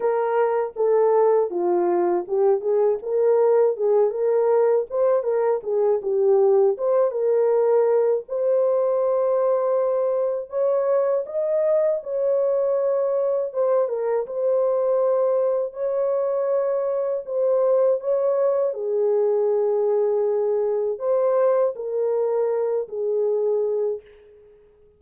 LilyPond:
\new Staff \with { instrumentName = "horn" } { \time 4/4 \tempo 4 = 80 ais'4 a'4 f'4 g'8 gis'8 | ais'4 gis'8 ais'4 c''8 ais'8 gis'8 | g'4 c''8 ais'4. c''4~ | c''2 cis''4 dis''4 |
cis''2 c''8 ais'8 c''4~ | c''4 cis''2 c''4 | cis''4 gis'2. | c''4 ais'4. gis'4. | }